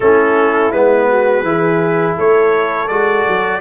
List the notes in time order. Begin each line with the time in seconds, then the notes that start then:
0.00 A3 C#4 E4 A4
0.71 G#3 B3 B4
1.08 F#4
1.42 E3 E4 G#4
2.16 A3 A4 C#5
2.88 G#3 F#4 D5
3.27 F#3